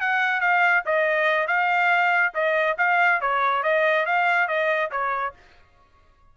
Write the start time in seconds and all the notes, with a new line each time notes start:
0.00 F#5
0.40 F5
0.85 D#5
1.47 F5
2.34 D#5
2.78 F5
3.21 C#5
3.63 D#5
4.06 F5
4.48 D#5
4.91 C#5